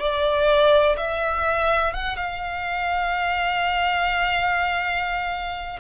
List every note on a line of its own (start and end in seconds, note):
0.00 0.97 D5
0.97 1.94 E5
1.94 2.17 F#5
2.17 5.80 F5